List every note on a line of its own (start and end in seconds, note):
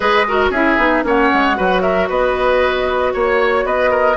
0.00 0.50 G#3
0.00 0.24 G#4
0.00 0.26 B4
0.00 0.49 D#5
0.27 0.53 F#4
0.27 0.50 A#4
0.50 0.76 C#4
0.50 0.77 E4
0.50 1.02 G#4
0.50 1.05 E5
0.77 1.03 B3
0.77 1.03 D#4
1.03 1.30 A#3
1.03 1.55 C#4
1.03 1.57 C#5
1.03 1.81 F#5
1.33 1.58 G#3
1.55 2.09 F#3
1.55 4.16 F#4
1.55 1.82 B4
1.81 2.08 A#4
1.81 2.07 E5
2.08 3.13 B3
2.08 3.13 B4
2.08 3.13 D#5
3.13 3.64 A#3
3.13 3.65 C#5
3.13 3.66 C#5
3.64 4.16 B3
3.64 3.90 B4
3.64 4.16 D#5
3.90 4.16 A#4